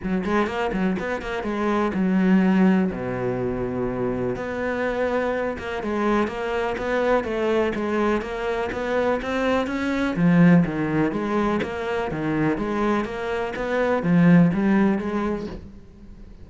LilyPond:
\new Staff \with { instrumentName = "cello" } { \time 4/4 \tempo 4 = 124 fis8 gis8 ais8 fis8 b8 ais8 gis4 | fis2 b,2~ | b,4 b2~ b8 ais8 | gis4 ais4 b4 a4 |
gis4 ais4 b4 c'4 | cis'4 f4 dis4 gis4 | ais4 dis4 gis4 ais4 | b4 f4 g4 gis4 | }